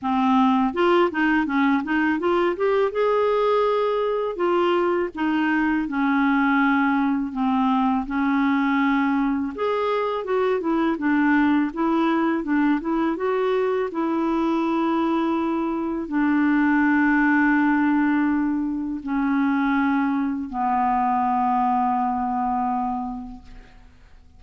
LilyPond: \new Staff \with { instrumentName = "clarinet" } { \time 4/4 \tempo 4 = 82 c'4 f'8 dis'8 cis'8 dis'8 f'8 g'8 | gis'2 f'4 dis'4 | cis'2 c'4 cis'4~ | cis'4 gis'4 fis'8 e'8 d'4 |
e'4 d'8 e'8 fis'4 e'4~ | e'2 d'2~ | d'2 cis'2 | b1 | }